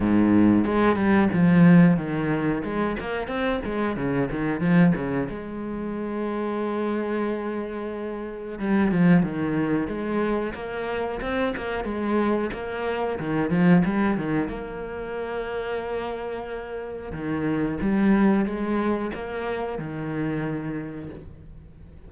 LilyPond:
\new Staff \with { instrumentName = "cello" } { \time 4/4 \tempo 4 = 91 gis,4 gis8 g8 f4 dis4 | gis8 ais8 c'8 gis8 cis8 dis8 f8 cis8 | gis1~ | gis4 g8 f8 dis4 gis4 |
ais4 c'8 ais8 gis4 ais4 | dis8 f8 g8 dis8 ais2~ | ais2 dis4 g4 | gis4 ais4 dis2 | }